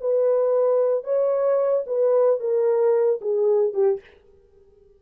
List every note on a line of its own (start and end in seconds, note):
0.00 1.04 B4
1.04 1.84 C#5
1.86 2.40 B4
2.40 3.20 A#4
3.21 3.73 G#4
3.73 4.00 G4